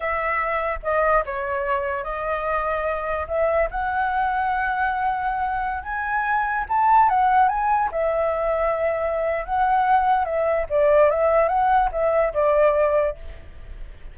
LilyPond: \new Staff \with { instrumentName = "flute" } { \time 4/4 \tempo 4 = 146 e''2 dis''4 cis''4~ | cis''4 dis''2. | e''4 fis''2.~ | fis''2~ fis''16 gis''4.~ gis''16~ |
gis''16 a''4 fis''4 gis''4 e''8.~ | e''2. fis''4~ | fis''4 e''4 d''4 e''4 | fis''4 e''4 d''2 | }